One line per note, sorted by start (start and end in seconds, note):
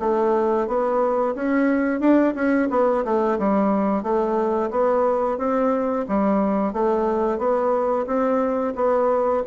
0.00 0.67 A3
0.67 1.35 B3
1.35 2.00 C#4
2.00 2.34 D4
2.35 2.69 C#4
2.71 3.04 B3
3.05 3.38 A3
3.39 4.03 G3
4.03 4.70 A3
4.71 5.38 B3
5.38 6.05 C4
6.08 6.73 G3
6.73 7.38 A3
7.38 8.06 B3
8.07 8.74 C4
8.75 9.43 B3